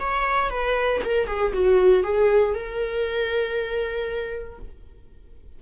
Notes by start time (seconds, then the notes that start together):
0.00 C#5
0.50 B4
1.05 A#4
1.27 G#4
1.54 F#4
2.04 G#4
2.54 A#4